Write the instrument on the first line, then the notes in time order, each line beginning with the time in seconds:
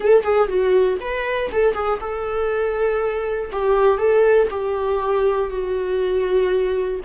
viola
0.00 A4
0.23 G#4
0.47 F#4
1.00 B4
1.52 A4
1.73 G#4
2.00 A4
3.52 G4
3.98 A4
4.50 G4
5.50 F#4